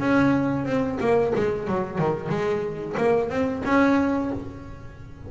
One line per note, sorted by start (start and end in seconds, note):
0.00 0.66 C#4
0.66 0.99 C4
1.00 1.33 A#3
1.35 1.68 G#3
1.68 1.98 F#3
1.98 2.29 D#3
2.29 2.95 G#3
2.97 3.30 A#3
3.30 3.63 C4
3.65 4.31 C#4